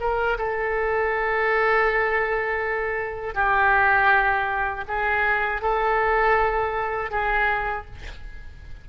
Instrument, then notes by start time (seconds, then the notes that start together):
oboe
0.00 A#4
0.38 A4
3.34 G4
4.87 G#4
5.61 A4
7.10 G#4